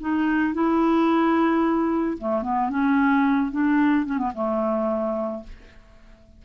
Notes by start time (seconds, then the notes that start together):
0.00 D#4
0.54 E4
2.18 A3
2.42 B3
2.69 C#4
3.51 D4
4.06 C#4
4.18 B3
4.34 A3